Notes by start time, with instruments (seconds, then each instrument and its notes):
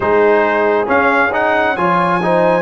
0.00 tuba G#3, trombone D#4, horn G#4, trumpet C5
0.86 trombone C#4, tuba C#4, trumpet F5
1.32 trombone D#4, trumpet F#5
1.75 tuba F3, trombone F4, horn C#5, trumpet G#5
2.22 trombone D#4, horn C5